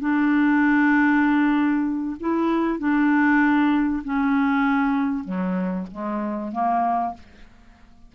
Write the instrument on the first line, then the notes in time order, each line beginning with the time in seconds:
clarinet
0.00 D4
2.20 E4
2.79 D4
4.04 C#4
5.24 F#3
5.91 G#3
6.52 A#3